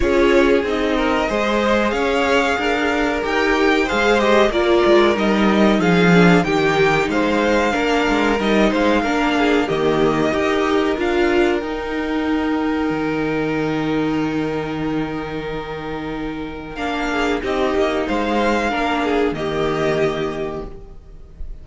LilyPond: <<
  \new Staff \with { instrumentName = "violin" } { \time 4/4 \tempo 4 = 93 cis''4 dis''2 f''4~ | f''4 g''4 f''8 dis''8 d''4 | dis''4 f''4 g''4 f''4~ | f''4 dis''8 f''4. dis''4~ |
dis''4 f''4 g''2~ | g''1~ | g''2 f''4 dis''4 | f''2 dis''2 | }
  \new Staff \with { instrumentName = "violin" } { \time 4/4 gis'4. ais'8 c''4 cis''4 | ais'2 c''4 ais'4~ | ais'4 gis'4 g'4 c''4 | ais'4. c''8 ais'8 gis'8 g'4 |
ais'1~ | ais'1~ | ais'2~ ais'8 gis'8 g'4 | c''4 ais'8 gis'8 g'2 | }
  \new Staff \with { instrumentName = "viola" } { \time 4/4 f'4 dis'4 gis'2~ | gis'4 g'4 gis'8 g'8 f'4 | dis'4. d'8 dis'2 | d'4 dis'4 d'4 ais4 |
g'4 f'4 dis'2~ | dis'1~ | dis'2 d'4 dis'4~ | dis'4 d'4 ais2 | }
  \new Staff \with { instrumentName = "cello" } { \time 4/4 cis'4 c'4 gis4 cis'4 | d'4 dis'4 gis4 ais8 gis8 | g4 f4 dis4 gis4 | ais8 gis8 g8 gis8 ais4 dis4 |
dis'4 d'4 dis'2 | dis1~ | dis2 ais4 c'8 ais8 | gis4 ais4 dis2 | }
>>